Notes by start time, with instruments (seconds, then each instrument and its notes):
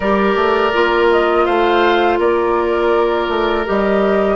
0.00 bassoon G3, clarinet G4, oboe A#4, flute D5
0.35 bassoon A3
0.73 bassoon A#3, clarinet F4
1.11 flute D#5
1.45 bassoon A3, oboe C5, flute F5
2.18 bassoon A#3, oboe A#4, flute D5
3.29 bassoon A3
3.65 bassoon G3, clarinet G4, flute D#5